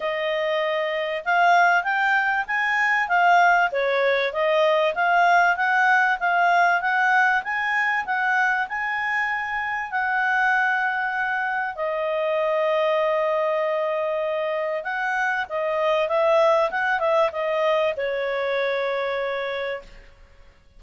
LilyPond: \new Staff \with { instrumentName = "clarinet" } { \time 4/4 \tempo 4 = 97 dis''2 f''4 g''4 | gis''4 f''4 cis''4 dis''4 | f''4 fis''4 f''4 fis''4 | gis''4 fis''4 gis''2 |
fis''2. dis''4~ | dis''1 | fis''4 dis''4 e''4 fis''8 e''8 | dis''4 cis''2. | }